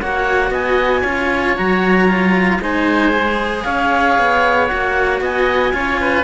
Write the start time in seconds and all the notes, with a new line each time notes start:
0.00 A#3 F#4 C#5 F#5
0.50 B3 D#5 G#5
1.01 C#4 F4 C#5
1.56 F#3 F#4 A#5
2.08 F4
2.59 G#3 D#4 C5 G#5
3.12 G#4
3.63 C#4 C#5 F5
4.18 B3
4.67 A#3 F#4 F#5
5.21 B3 D#5 G#5
5.72 C#4 F4 C#5
6.00 B4